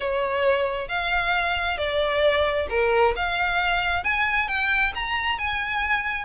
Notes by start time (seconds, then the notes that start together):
0.00 C#5
0.88 F5
1.77 D5
2.69 A#4
3.16 F5
4.03 G#5
4.48 G5
4.95 A#5
5.38 G#5